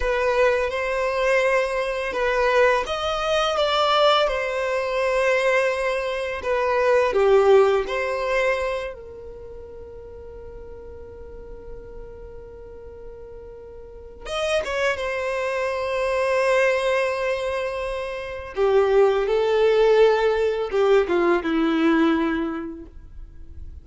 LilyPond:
\new Staff \with { instrumentName = "violin" } { \time 4/4 \tempo 4 = 84 b'4 c''2 b'4 | dis''4 d''4 c''2~ | c''4 b'4 g'4 c''4~ | c''8 ais'2.~ ais'8~ |
ais'1 | dis''8 cis''8 c''2.~ | c''2 g'4 a'4~ | a'4 g'8 f'8 e'2 | }